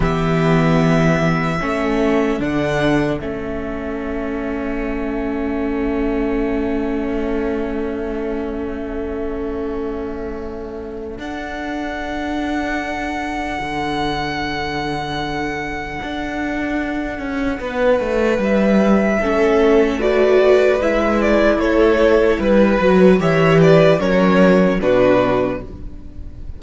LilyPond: <<
  \new Staff \with { instrumentName = "violin" } { \time 4/4 \tempo 4 = 75 e''2. fis''4 | e''1~ | e''1~ | e''2 fis''2~ |
fis''1~ | fis''2. e''4~ | e''4 d''4 e''8 d''8 cis''4 | b'4 e''8 d''8 cis''4 b'4 | }
  \new Staff \with { instrumentName = "violin" } { \time 4/4 g'2 a'2~ | a'1~ | a'1~ | a'1~ |
a'1~ | a'2 b'2 | a'4 b'2 a'4 | b'4 cis''8 b'8 ais'4 fis'4 | }
  \new Staff \with { instrumentName = "viola" } { \time 4/4 b2 cis'4 d'4 | cis'1~ | cis'1~ | cis'2 d'2~ |
d'1~ | d'1 | cis'4 fis'4 e'2~ | e'8 fis'8 g'4 cis'4 d'4 | }
  \new Staff \with { instrumentName = "cello" } { \time 4/4 e2 a4 d4 | a1~ | a1~ | a2 d'2~ |
d'4 d2. | d'4. cis'8 b8 a8 g4 | a2 gis4 a4 | g8 fis8 e4 fis4 b,4 | }
>>